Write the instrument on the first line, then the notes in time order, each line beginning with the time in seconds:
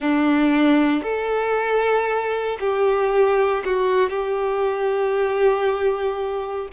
violin
0.00 D4
1.03 A4
2.60 G4
3.64 F#4
4.09 G4